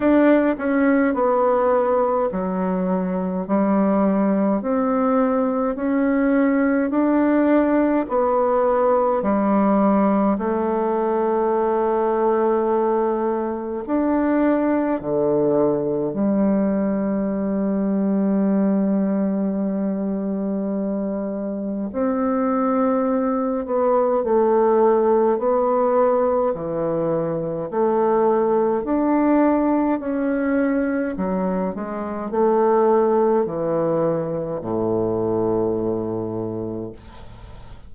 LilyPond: \new Staff \with { instrumentName = "bassoon" } { \time 4/4 \tempo 4 = 52 d'8 cis'8 b4 fis4 g4 | c'4 cis'4 d'4 b4 | g4 a2. | d'4 d4 g2~ |
g2. c'4~ | c'8 b8 a4 b4 e4 | a4 d'4 cis'4 fis8 gis8 | a4 e4 a,2 | }